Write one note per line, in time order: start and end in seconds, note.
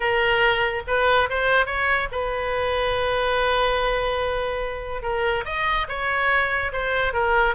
0.00 0.82 A#4
0.87 1.29 B4
1.29 1.66 C5
1.66 2.08 C#5
2.11 5.02 B4
5.02 5.44 A#4
5.45 5.87 D#5
5.88 6.72 C#5
6.72 7.13 C5
7.13 7.54 A#4